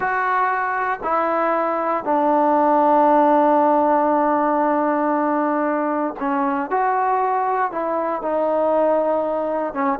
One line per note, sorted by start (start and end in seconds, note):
0.00 1.00 F#4
1.03 2.04 E4
2.04 6.14 D4
6.19 6.70 C#4
6.70 7.71 F#4
7.71 8.22 E4
8.22 9.73 D#4
9.73 9.99 C#4